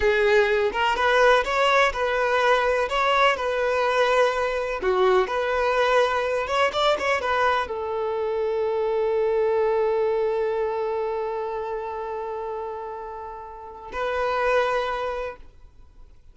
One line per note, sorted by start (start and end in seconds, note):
0.00 0.70 G#4
0.72 0.96 A#4
0.96 1.44 B4
1.44 1.92 C#5
1.92 2.88 B4
2.89 3.36 C#5
3.36 4.80 B4
4.82 5.27 F#4
5.27 6.47 B4
6.47 6.71 C#5
6.72 6.96 D5
6.98 7.21 C#5
7.21 7.67 B4
7.67 13.91 A4
13.92 15.36 B4